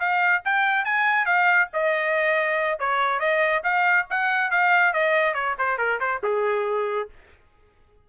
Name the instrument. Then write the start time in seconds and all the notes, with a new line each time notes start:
trumpet
0.00 F5
0.45 G5
0.85 G#5
1.26 F5
1.74 D#5
2.79 C#5
3.20 D#5
3.64 F5
4.10 F#5
4.51 F5
4.93 D#5
5.34 C#5
5.59 C5
5.79 A#4
6.00 C5
6.24 G#4